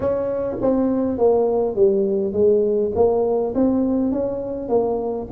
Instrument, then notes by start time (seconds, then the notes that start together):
tuba
0.00 C#4
0.61 C4
1.17 A#3
1.75 G3
2.32 G#3
2.95 A#3
3.55 C4
4.11 C#4
4.68 A#3